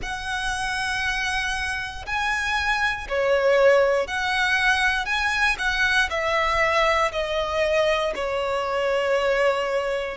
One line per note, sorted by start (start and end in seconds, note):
0.02 2.05 F#5
2.06 3.07 G#5
3.08 4.07 C#5
4.07 5.05 F#5
5.05 5.56 G#5
5.58 6.09 F#5
6.10 7.11 E5
7.11 8.13 D#5
8.15 10.17 C#5